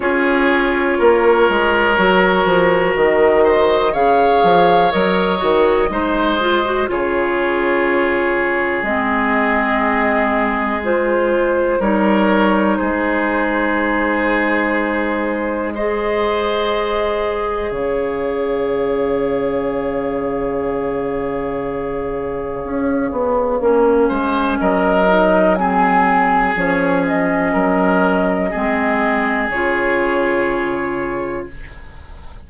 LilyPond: <<
  \new Staff \with { instrumentName = "flute" } { \time 4/4 \tempo 4 = 61 cis''2. dis''4 | f''4 dis''2 cis''4~ | cis''4 dis''2 c''4 | cis''4 c''2. |
dis''2 f''2~ | f''1~ | f''4 dis''4 gis''4 cis''8 dis''8~ | dis''2 cis''2 | }
  \new Staff \with { instrumentName = "oboe" } { \time 4/4 gis'4 ais'2~ ais'8 c''8 | cis''2 c''4 gis'4~ | gis'1 | ais'4 gis'2. |
c''2 cis''2~ | cis''1~ | cis''8 c''8 ais'4 gis'2 | ais'4 gis'2. | }
  \new Staff \with { instrumentName = "clarinet" } { \time 4/4 f'2 fis'2 | gis'4 ais'8 fis'8 dis'8 f'16 fis'16 f'4~ | f'4 c'2 f'4 | dis'1 |
gis'1~ | gis'1 | cis'4. dis'8 c'4 cis'4~ | cis'4 c'4 f'2 | }
  \new Staff \with { instrumentName = "bassoon" } { \time 4/4 cis'4 ais8 gis8 fis8 f8 dis4 | cis8 f8 fis8 dis8 gis4 cis4~ | cis4 gis2. | g4 gis2.~ |
gis2 cis2~ | cis2. cis'8 b8 | ais8 gis8 fis2 f4 | fis4 gis4 cis2 | }
>>